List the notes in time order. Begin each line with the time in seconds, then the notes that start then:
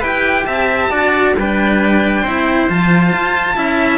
0.00 E4 G4 B4 G5
0.45 C4 E5 A5
0.91 D4 F#4 D5
1.36 G3 D4 B4 G5
2.23 C4 E4 C5
2.69 F3 F4 A5
3.13 F4
3.56 C#4 E4 E5